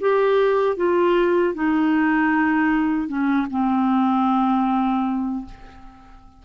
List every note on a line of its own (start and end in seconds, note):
0.00 0.76 G4
0.76 1.54 F4
1.54 3.08 D#4
3.08 3.47 C#4
3.50 5.45 C4